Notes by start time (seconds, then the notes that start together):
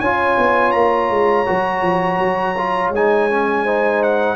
0.00 C#4 F4 C#5 G#5
0.38 B3
0.71 A#3 A#5
1.10 G#3
1.46 F#3 F#4
1.82 F3
2.19 F#3
2.57 F4
2.89 G#3 D#4 G#5
3.30 C#4
3.63 D#4 C5
4.03 F#5